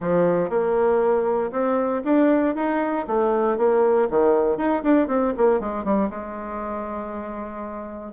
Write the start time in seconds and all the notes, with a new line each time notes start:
0.00 F3
0.49 A#3
1.51 C4
2.04 D4
2.55 D#4
3.07 A3
3.57 A#3
4.09 D#3
4.57 D#4
4.83 D4
5.07 C4
5.37 A#3
5.60 G#3
5.84 G3
6.10 G#3